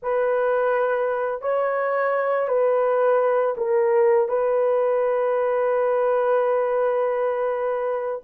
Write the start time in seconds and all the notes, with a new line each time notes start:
0.02 B4
1.41 C#5
2.47 B4
3.57 A#4
4.28 B4